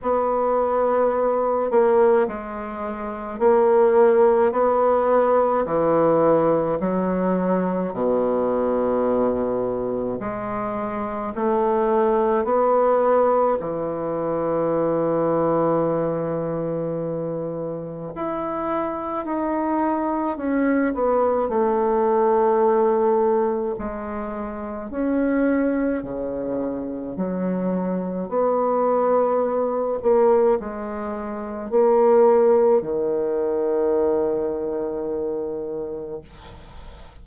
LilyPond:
\new Staff \with { instrumentName = "bassoon" } { \time 4/4 \tempo 4 = 53 b4. ais8 gis4 ais4 | b4 e4 fis4 b,4~ | b,4 gis4 a4 b4 | e1 |
e'4 dis'4 cis'8 b8 a4~ | a4 gis4 cis'4 cis4 | fis4 b4. ais8 gis4 | ais4 dis2. | }